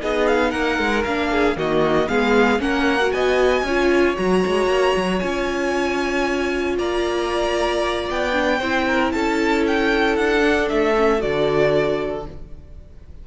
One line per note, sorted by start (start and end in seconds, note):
0.00 0.54 B3
0.00 1.04 D#4
0.00 0.50 G#4
0.00 0.27 D#5
0.27 0.51 F5
0.50 0.79 A#3
0.50 1.29 A#4
0.50 1.03 F#5
0.79 1.05 G#3
1.04 1.56 A#3
1.04 1.56 D4
1.04 1.56 F5
1.31 1.57 G#4
1.56 2.09 D#3
1.56 2.08 A#3
1.56 2.09 F#4
1.56 2.08 D#5
2.08 2.60 G#3
2.08 2.60 B3
2.08 2.61 G#4
2.08 2.60 F5
2.60 3.12 A#3
2.60 2.99 C#4
2.60 3.14 A#4
2.60 3.12 F#5
2.99 3.64 F#4
3.12 3.62 B3
3.12 3.66 D#5
3.12 4.16 G#5
3.62 4.15 C#4
3.62 4.16 F4
3.62 6.78 C#5
4.16 4.45 F#3
4.16 5.20 F#4
4.16 5.19 A#5
4.46 4.67 G#3
4.67 4.93 A#3
4.96 5.22 F#3
5.19 6.79 C#4
5.19 8.33 F4
5.19 6.76 G#5
6.78 8.09 A#3
6.78 8.58 D5
6.78 8.09 A#5
8.10 8.60 B3
8.10 9.12 G5
8.33 8.59 D4
8.58 9.12 C4
8.58 10.41 E4
8.58 8.84 C5
8.87 9.13 A#4
9.12 10.18 C#4
9.12 12.27 A4
9.12 9.64 A5
9.67 10.16 G5
10.16 10.70 D4
10.16 10.68 F#5
10.41 10.94 D4
10.69 11.23 A3
10.69 11.21 E5
10.96 11.19 C#4
11.19 12.27 D3
11.19 12.23 F#4
11.19 12.26 D5